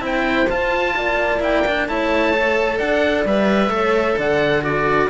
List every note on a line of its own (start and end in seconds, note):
0.00 0.46 C4
0.00 0.46 E4
0.00 0.95 C5
0.06 0.50 G5
0.50 0.96 F4
0.50 1.40 F4
0.50 1.42 A5
0.96 1.87 A#3
0.96 1.89 D5
1.40 1.63 E4
1.40 1.88 G5
1.67 1.89 D4
1.87 2.79 A3
1.87 2.34 E4
1.87 2.78 C#5
1.87 2.79 A5
2.34 3.26 A4
2.78 3.26 D4
2.78 3.71 D5
2.78 3.25 F#5
3.26 3.69 G3
3.26 3.71 B4
3.26 4.19 E5
3.69 4.15 A3
3.69 4.62 A4
3.69 4.18 C#5
4.18 5.10 D3
4.18 4.64 D5
4.18 4.64 F#5
4.62 5.09 F#4
4.62 5.10 A4
4.62 5.10 D5